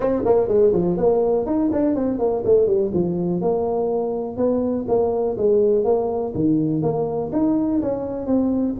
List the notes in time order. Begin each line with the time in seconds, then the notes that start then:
0.00 C4
0.25 A#3
0.48 G#3
0.73 F3
0.97 A#3
1.46 D#4
1.72 D4
1.95 C4
2.18 A#3
2.44 A3
2.67 G3
2.93 F3
3.41 A#3
4.37 B3
4.88 A#3
5.37 G#3
5.84 A#3
6.34 D#3
6.82 A#3
7.32 D#4
7.82 C#4
8.26 C4